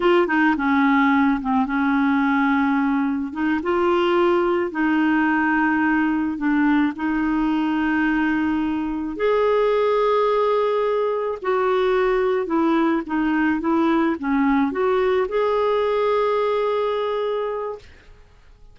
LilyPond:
\new Staff \with { instrumentName = "clarinet" } { \time 4/4 \tempo 4 = 108 f'8 dis'8 cis'4. c'8 cis'4~ | cis'2 dis'8 f'4.~ | f'8 dis'2. d'8~ | d'8 dis'2.~ dis'8~ |
dis'8 gis'2.~ gis'8~ | gis'8 fis'2 e'4 dis'8~ | dis'8 e'4 cis'4 fis'4 gis'8~ | gis'1 | }